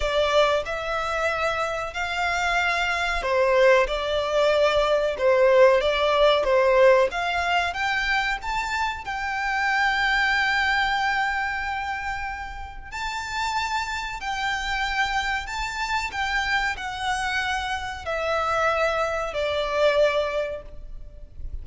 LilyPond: \new Staff \with { instrumentName = "violin" } { \time 4/4 \tempo 4 = 93 d''4 e''2 f''4~ | f''4 c''4 d''2 | c''4 d''4 c''4 f''4 | g''4 a''4 g''2~ |
g''1 | a''2 g''2 | a''4 g''4 fis''2 | e''2 d''2 | }